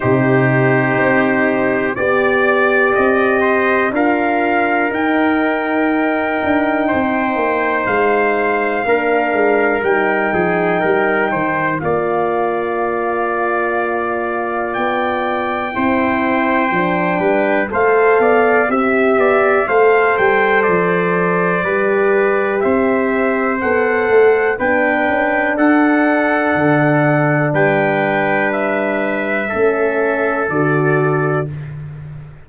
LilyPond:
<<
  \new Staff \with { instrumentName = "trumpet" } { \time 4/4 \tempo 4 = 61 c''2 d''4 dis''4 | f''4 g''2. | f''2 g''2 | f''2. g''4~ |
g''2 f''4 e''4 | f''8 g''8 d''2 e''4 | fis''4 g''4 fis''2 | g''4 e''2 d''4 | }
  \new Staff \with { instrumentName = "trumpet" } { \time 4/4 g'2 d''4. c''8 | ais'2. c''4~ | c''4 ais'4. gis'8 ais'8 c''8 | d''1 |
c''4. b'8 c''8 d''8 e''8 d''8 | c''2 b'4 c''4~ | c''4 b'4 a'2 | b'2 a'2 | }
  \new Staff \with { instrumentName = "horn" } { \time 4/4 dis'2 g'2 | f'4 dis'2.~ | dis'4 d'4 dis'2 | f'1 |
e'4 d'4 a'4 g'4 | a'2 g'2 | a'4 d'2.~ | d'2 cis'4 fis'4 | }
  \new Staff \with { instrumentName = "tuba" } { \time 4/4 c4 c'4 b4 c'4 | d'4 dis'4. d'8 c'8 ais8 | gis4 ais8 gis8 g8 f8 g8 dis8 | ais2. b4 |
c'4 f8 g8 a8 b8 c'8 b8 | a8 g8 f4 g4 c'4 | b8 a8 b8 cis'8 d'4 d4 | g2 a4 d4 | }
>>